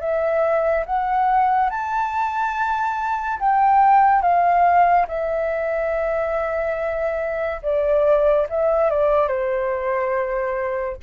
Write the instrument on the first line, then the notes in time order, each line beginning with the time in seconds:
flute
0.00 E5
0.86 F#5
1.70 A5
3.39 G5
4.21 F5
5.07 E5
7.62 D5
8.49 E5
8.90 D5
9.28 C5